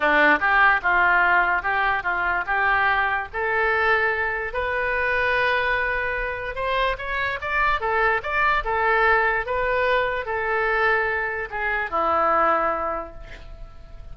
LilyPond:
\new Staff \with { instrumentName = "oboe" } { \time 4/4 \tempo 4 = 146 d'4 g'4 f'2 | g'4 f'4 g'2 | a'2. b'4~ | b'1 |
c''4 cis''4 d''4 a'4 | d''4 a'2 b'4~ | b'4 a'2. | gis'4 e'2. | }